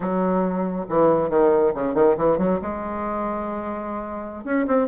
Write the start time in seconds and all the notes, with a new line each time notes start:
0.00 F#3
0.89 E3
1.29 D#3
1.74 C#3
1.94 D#3
2.17 E3
2.38 F#3
2.61 G#3
4.44 C#4
4.67 C4